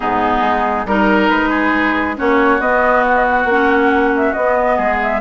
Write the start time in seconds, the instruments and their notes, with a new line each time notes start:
0.00 bassoon G#2, clarinet B3, oboe D#4, flute G#4
0.41 bassoon G#3
0.85 bassoon G3, clarinet D#4, flute A#4, oboe A#4
1.29 bassoon G#3, flute B4
1.49 oboe G#4
2.16 bassoon A#3, clarinet C#4, oboe F#4, flute C#5
2.60 bassoon B3, clarinet B3, flute D#5
3.06 flute F#5
3.15 flute D#5
3.28 flute F#5
3.44 bassoon A#3, clarinet C#4
4.15 flute E5
4.32 bassoon B3, clarinet B3, flute D#5
4.76 bassoon G#3, oboe G#4
5.01 flute E5